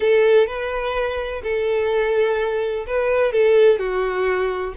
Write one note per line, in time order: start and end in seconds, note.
0.00 0.46 A4
0.46 1.42 B4
1.43 2.85 A4
2.86 3.32 B4
3.32 3.78 A4
3.78 4.74 F#4